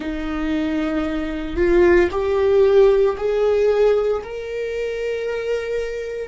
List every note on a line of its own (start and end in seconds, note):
0.00 1.56 D#4
1.56 2.09 F4
2.11 3.16 G4
3.17 4.22 G#4
4.23 6.28 A#4